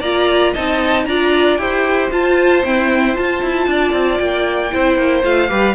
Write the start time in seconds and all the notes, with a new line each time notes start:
0.00 A#3 F4 D5 A#5
0.53 C4 D#4 D#5 A5
1.05 D4 F4 D5 A#5
1.56 E4 G4 C5 G5
2.11 F4 A5
2.63 C4 E4 G5
3.13 F4 A5
3.42 E4
3.67 D4 D5
3.92 C4
4.18 A#3 G5
4.71 C4 E4 C5
4.97 A#3
5.24 A3 F4 F5
5.48 G3 G4 B4